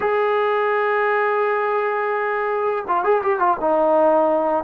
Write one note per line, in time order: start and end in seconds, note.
0.00 2.84 G#4
2.87 3.04 F4
3.04 3.21 G#4
3.22 3.39 G4
3.39 3.57 F4
3.60 4.64 D#4